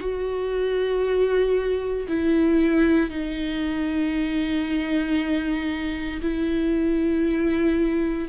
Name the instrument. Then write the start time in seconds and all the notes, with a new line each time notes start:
viola
0.00 F#4
2.08 E4
3.10 D#4
6.22 E4